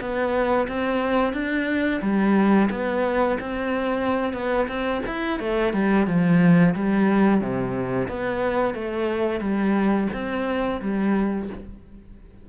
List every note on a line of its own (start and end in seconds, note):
0.00 0.67 B3
0.68 1.33 C4
1.33 2.00 D4
2.01 2.69 G3
2.70 3.38 B3
3.40 4.33 C4
4.33 4.67 B3
4.68 5.01 C4
5.06 5.39 E4
5.39 5.73 A3
5.73 6.07 G3
6.07 6.74 F3
6.75 7.40 G3
7.40 8.08 C3
8.08 8.74 B3
8.74 9.40 A3
9.40 10.08 G3
10.13 10.80 C4
10.81 11.49 G3